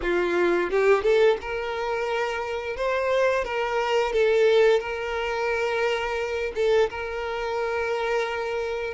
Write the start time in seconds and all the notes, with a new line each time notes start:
0.02 F4
0.70 G4
1.02 A4
1.41 A#4
2.76 C5
3.44 A#4
4.12 A4
4.80 A#4
6.55 A4
6.90 A#4